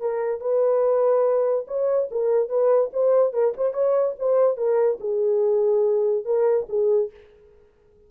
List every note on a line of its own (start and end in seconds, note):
0.00 0.40 A#4
0.40 1.65 B4
1.67 2.09 C#5
2.10 2.49 A#4
2.49 2.90 B4
2.92 3.32 C5
3.32 3.53 A#4
3.56 3.73 C5
3.73 4.15 C#5
4.19 4.56 C5
4.56 4.98 A#4
5.00 6.25 G#4
6.25 6.66 A#4
6.68 7.10 G#4